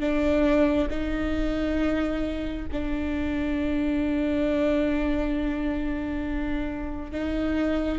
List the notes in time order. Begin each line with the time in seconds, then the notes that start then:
0.00 D4
0.90 D#4
2.72 D4
7.11 D#4